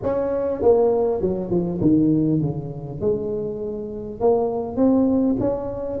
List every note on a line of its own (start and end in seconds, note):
0.02 0.62 C#4
0.62 1.21 A#3
1.21 1.50 F#3
1.50 1.80 F3
1.81 2.41 D#3
2.41 3.00 C#3
3.00 4.20 G#3
4.20 4.76 A#3
4.76 5.36 C4
5.39 5.99 C#4